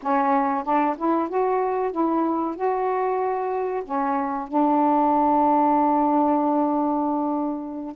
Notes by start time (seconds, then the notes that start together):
0.02 C#4
0.64 D4
0.97 E4
1.29 F#4
1.91 E4
2.55 F#4
3.84 C#4
4.48 D4